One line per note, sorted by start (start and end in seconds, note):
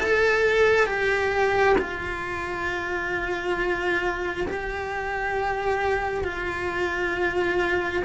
0.00 0.86 A4
0.86 1.76 G4
1.78 4.47 F4
4.47 6.24 G4
6.24 8.03 F4